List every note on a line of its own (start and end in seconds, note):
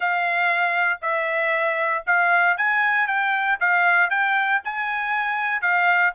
0.00 0.99 F5
1.01 2.04 E5
2.06 2.57 F5
2.57 3.07 G#5
3.07 3.58 G5
3.60 4.10 F5
4.10 4.61 G5
4.64 5.61 G#5
5.61 6.13 F5